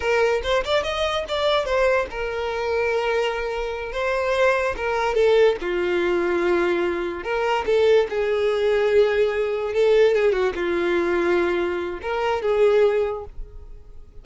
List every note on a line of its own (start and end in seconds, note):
0.00 0.41 A#4
0.43 0.64 C5
0.64 0.83 D5
0.83 1.24 D#5
1.28 1.65 D5
1.65 2.06 C5
2.10 3.92 A#4
3.92 4.75 C5
4.76 5.14 A#4
5.14 5.56 A4
5.61 7.23 F4
7.23 7.65 A#4
7.66 8.07 A4
8.09 9.73 G#4
9.73 10.15 A4
10.15 10.32 G#4
10.32 10.53 F#4
10.55 12.00 F4
12.02 12.42 A#4
12.42 13.24 G#4